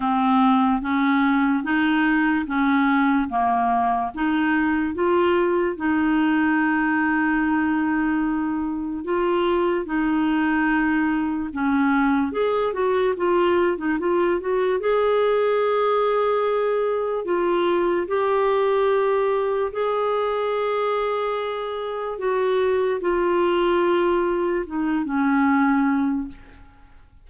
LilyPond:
\new Staff \with { instrumentName = "clarinet" } { \time 4/4 \tempo 4 = 73 c'4 cis'4 dis'4 cis'4 | ais4 dis'4 f'4 dis'4~ | dis'2. f'4 | dis'2 cis'4 gis'8 fis'8 |
f'8. dis'16 f'8 fis'8 gis'2~ | gis'4 f'4 g'2 | gis'2. fis'4 | f'2 dis'8 cis'4. | }